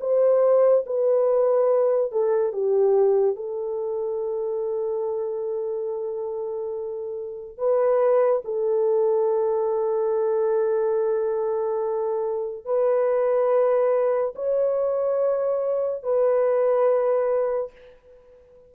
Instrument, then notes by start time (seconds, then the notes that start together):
horn
0.00 C5
0.86 B4
2.12 A4
2.52 G4
3.36 A4
7.57 B4
8.44 A4
12.65 B4
14.35 C#5
16.03 B4